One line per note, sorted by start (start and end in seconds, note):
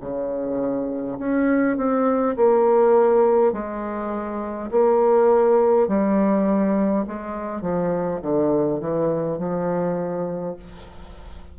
0.00 1.18 C#3
1.18 1.76 C#4
1.76 2.35 C4
2.36 3.52 A#3
3.52 4.70 G#3
4.71 5.87 A#3
5.87 7.05 G3
7.07 7.61 G#3
7.61 8.20 F3
8.21 8.79 D3
8.79 9.38 E3
9.38 10.56 F3